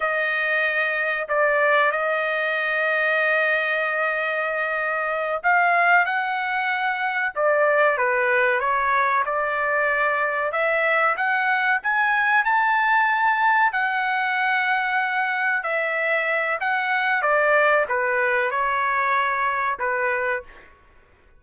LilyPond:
\new Staff \with { instrumentName = "trumpet" } { \time 4/4 \tempo 4 = 94 dis''2 d''4 dis''4~ | dis''1~ | dis''8 f''4 fis''2 d''8~ | d''8 b'4 cis''4 d''4.~ |
d''8 e''4 fis''4 gis''4 a''8~ | a''4. fis''2~ fis''8~ | fis''8 e''4. fis''4 d''4 | b'4 cis''2 b'4 | }